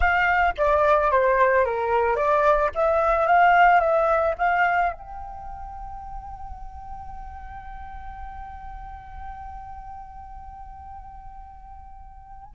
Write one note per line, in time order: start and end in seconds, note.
0.00 0.54 F5
0.57 1.11 D5
1.11 1.65 C5
1.65 2.15 A#4
2.15 2.70 D5
2.74 3.27 E5
3.27 3.80 F5
3.80 4.34 E5
4.38 4.92 F5
4.92 12.54 G5